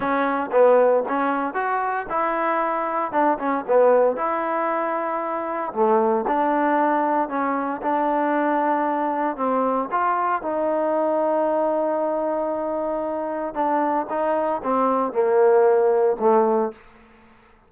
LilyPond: \new Staff \with { instrumentName = "trombone" } { \time 4/4 \tempo 4 = 115 cis'4 b4 cis'4 fis'4 | e'2 d'8 cis'8 b4 | e'2. a4 | d'2 cis'4 d'4~ |
d'2 c'4 f'4 | dis'1~ | dis'2 d'4 dis'4 | c'4 ais2 a4 | }